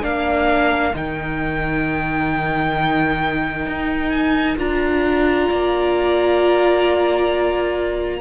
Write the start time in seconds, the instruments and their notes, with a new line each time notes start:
0.00 cello A#3, viola D4, violin A#4 F5
0.94 cello D#3, viola D#4, violin G5
3.66 cello D#4
4.10 violin G#5
4.57 cello D4, viola F4, violin A#5
5.48 cello A#3, violin D5